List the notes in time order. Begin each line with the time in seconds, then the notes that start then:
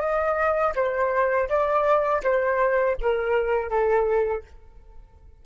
0.00 D#5
0.75 C5
1.49 D5
2.23 C5
3.01 A#4
3.70 A4